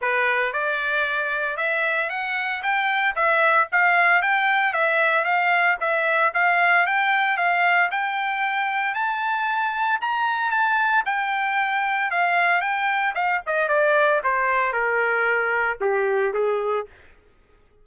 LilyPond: \new Staff \with { instrumentName = "trumpet" } { \time 4/4 \tempo 4 = 114 b'4 d''2 e''4 | fis''4 g''4 e''4 f''4 | g''4 e''4 f''4 e''4 | f''4 g''4 f''4 g''4~ |
g''4 a''2 ais''4 | a''4 g''2 f''4 | g''4 f''8 dis''8 d''4 c''4 | ais'2 g'4 gis'4 | }